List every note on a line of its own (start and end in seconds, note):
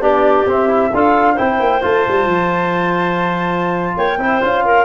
0.00 0.45 B3
0.00 0.46 D4
0.00 0.90 G4
0.00 0.47 D5
0.46 0.91 C4
0.46 0.68 C4
0.46 0.94 E5
0.68 0.90 E4
0.93 1.38 D4
0.93 1.37 F4
0.93 1.34 A4
0.93 1.37 F5
1.34 1.59 C4
1.34 1.81 E4
1.34 3.93 C5
1.34 1.82 G5
1.59 1.82 A#3
1.81 2.06 A3
1.81 4.18 F4
1.81 3.97 A5
2.07 2.25 G3
2.25 3.94 F3
3.97 4.18 A#3
3.97 4.19 C#5
3.97 4.43 G5
4.18 4.40 C4
4.18 4.41 E4
4.18 4.65 C5
4.41 4.84 C#4
4.41 4.84 F4
4.41 4.84 F5
4.65 4.84 A#4